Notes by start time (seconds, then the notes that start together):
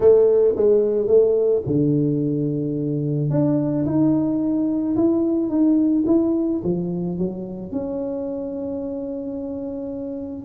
0.00 A3
0.56 G#3
1.07 A3
1.66 D3
3.30 D4
3.85 D#4
4.95 E4
5.49 D#4
6.06 E4
6.63 F3
7.18 F#3
7.71 C#4